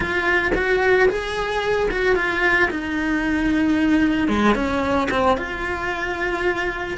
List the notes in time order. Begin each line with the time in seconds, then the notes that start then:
0.00 F4
0.54 F#4
1.09 G#4
1.90 F#4
2.15 F4
2.70 D#4
4.28 G#3
4.54 C#4
5.10 C4
5.37 F4